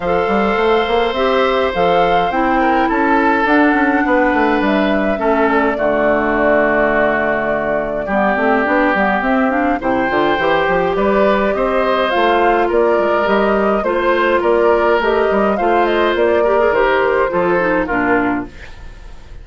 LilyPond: <<
  \new Staff \with { instrumentName = "flute" } { \time 4/4 \tempo 4 = 104 f''2 e''4 f''4 | g''4 a''4 fis''2 | e''4. d''2~ d''8~ | d''1 |
e''8 f''8 g''2 d''4 | dis''4 f''4 d''4 dis''4 | c''4 d''4 dis''4 f''8 dis''8 | d''4 c''2 ais'4 | }
  \new Staff \with { instrumentName = "oboe" } { \time 4/4 c''1~ | c''8 ais'8 a'2 b'4~ | b'4 a'4 fis'2~ | fis'2 g'2~ |
g'4 c''2 b'4 | c''2 ais'2 | c''4 ais'2 c''4~ | c''8 ais'4. a'4 f'4 | }
  \new Staff \with { instrumentName = "clarinet" } { \time 4/4 a'2 g'4 a'4 | e'2 d'2~ | d'4 cis'4 a2~ | a2 b8 c'8 d'8 b8 |
c'8 d'8 e'8 f'8 g'2~ | g'4 f'2 g'4 | f'2 g'4 f'4~ | f'8 g'16 gis'16 g'4 f'8 dis'8 d'4 | }
  \new Staff \with { instrumentName = "bassoon" } { \time 4/4 f8 g8 a8 ais8 c'4 f4 | c'4 cis'4 d'8 cis'8 b8 a8 | g4 a4 d2~ | d2 g8 a8 b8 g8 |
c'4 c8 d8 e8 f8 g4 | c'4 a4 ais8 gis8 g4 | a4 ais4 a8 g8 a4 | ais4 dis4 f4 ais,4 | }
>>